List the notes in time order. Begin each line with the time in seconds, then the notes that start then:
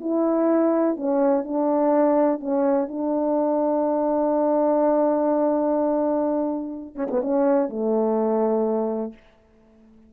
0.00 E4
0.96 C#4
1.44 D4
2.40 C#4
2.88 D4
6.95 C#4
7.11 B3
7.21 C#4
7.69 A3